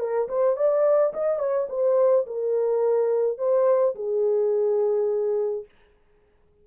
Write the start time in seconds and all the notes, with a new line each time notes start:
0.00 A#4
0.29 C5
0.57 D5
1.14 D#5
1.39 C#5
1.70 C5
2.27 A#4
3.38 C5
3.95 G#4